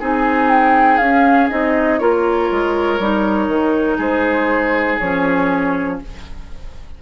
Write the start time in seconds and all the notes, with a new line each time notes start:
0.00 C4 D#4 G#4 G#5
0.50 G5
0.98 C#4 F5
1.50 C4 D#4 D#5
1.99 A#3 F4 A#4 C#5
2.51 G#3
2.99 G3 D#4
3.48 D#3
3.98 G#3 G#4 C5
4.99 F3 C#4 C#5